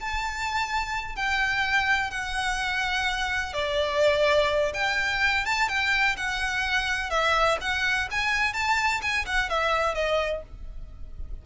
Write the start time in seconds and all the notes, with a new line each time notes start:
0.00 A5
1.16 G5
2.11 F#5
3.53 D5
4.74 G5
5.45 A5
5.68 G5
6.16 F#5
7.10 E5
7.61 F#5
8.11 G#5
8.53 A5
9.02 G#5
9.26 F#5
9.49 E5
9.95 D#5